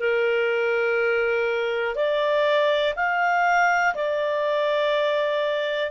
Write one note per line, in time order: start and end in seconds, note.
0.00 1.95 A#4
1.95 2.94 D5
2.96 3.94 F5
3.95 5.91 D5